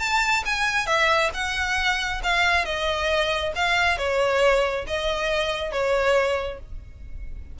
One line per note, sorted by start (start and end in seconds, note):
0.00 0.44 A5
0.46 0.87 G#5
0.87 1.31 E5
1.34 2.22 F#5
2.24 2.66 F5
2.66 3.53 D#5
3.56 3.98 F5
3.98 4.86 C#5
4.88 5.72 D#5
5.72 6.60 C#5